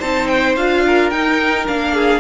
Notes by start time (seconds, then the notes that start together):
0.00 C4 D#4 C5 A5
0.28 G5
0.56 D4 F4 F5
0.87 A#4
1.11 D#4 G5
1.68 A#3 D4 F5
1.94 G#4